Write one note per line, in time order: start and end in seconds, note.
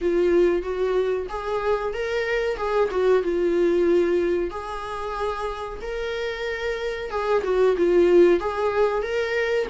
0.01 0.62 F4
0.62 1.26 F#4
1.29 1.93 G#4
1.93 2.57 A#4
2.57 2.89 G#4
2.91 3.22 F#4
3.22 4.50 F4
4.50 5.79 G#4
5.81 7.10 A#4
7.10 7.42 G#4
7.43 7.75 F#4
7.77 8.40 F4
8.40 9.02 G#4
9.02 9.67 A#4